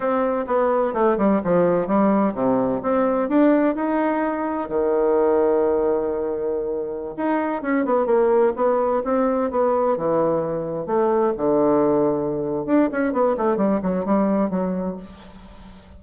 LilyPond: \new Staff \with { instrumentName = "bassoon" } { \time 4/4 \tempo 4 = 128 c'4 b4 a8 g8 f4 | g4 c4 c'4 d'4 | dis'2 dis2~ | dis2.~ dis16 dis'8.~ |
dis'16 cis'8 b8 ais4 b4 c'8.~ | c'16 b4 e2 a8.~ | a16 d2~ d8. d'8 cis'8 | b8 a8 g8 fis8 g4 fis4 | }